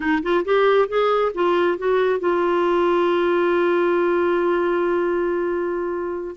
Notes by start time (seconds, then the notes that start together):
0.00 D#4
0.22 F4
0.44 G4
0.88 G#4
1.34 F4
1.78 F#4
2.19 F4